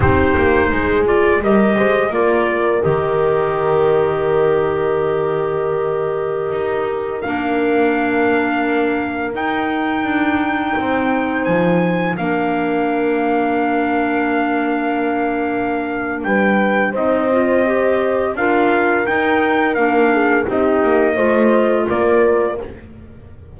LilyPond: <<
  \new Staff \with { instrumentName = "trumpet" } { \time 4/4 \tempo 4 = 85 c''4. d''8 dis''4 d''4 | dis''1~ | dis''2~ dis''16 f''4.~ f''16~ | f''4~ f''16 g''2~ g''8.~ |
g''16 gis''4 f''2~ f''8.~ | f''2. g''4 | dis''2 f''4 g''4 | f''4 dis''2 d''4 | }
  \new Staff \with { instrumentName = "horn" } { \time 4/4 g'4 gis'4 ais'8 c''8 ais'4~ | ais'1~ | ais'1~ | ais'2.~ ais'16 c''8.~ |
c''4~ c''16 ais'2~ ais'8.~ | ais'2. b'4 | c''2 ais'2~ | ais'8 gis'8 g'4 c''4 ais'4 | }
  \new Staff \with { instrumentName = "clarinet" } { \time 4/4 dis'4. f'8 g'4 f'4 | g'1~ | g'2~ g'16 d'4.~ d'16~ | d'4~ d'16 dis'2~ dis'8.~ |
dis'4~ dis'16 d'2~ d'8.~ | d'1 | dis'8 f'8 g'4 f'4 dis'4 | d'4 dis'4 f'2 | }
  \new Staff \with { instrumentName = "double bass" } { \time 4/4 c'8 ais8 gis4 g8 gis8 ais4 | dis1~ | dis4~ dis16 dis'4 ais4.~ ais16~ | ais4~ ais16 dis'4 d'4 c'8.~ |
c'16 f4 ais2~ ais8.~ | ais2. g4 | c'2 d'4 dis'4 | ais4 c'8 ais8 a4 ais4 | }
>>